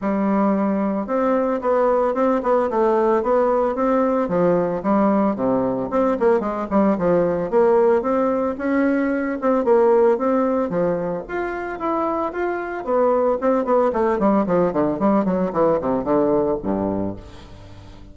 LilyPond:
\new Staff \with { instrumentName = "bassoon" } { \time 4/4 \tempo 4 = 112 g2 c'4 b4 | c'8 b8 a4 b4 c'4 | f4 g4 c4 c'8 ais8 | gis8 g8 f4 ais4 c'4 |
cis'4. c'8 ais4 c'4 | f4 f'4 e'4 f'4 | b4 c'8 b8 a8 g8 f8 d8 | g8 fis8 e8 c8 d4 g,4 | }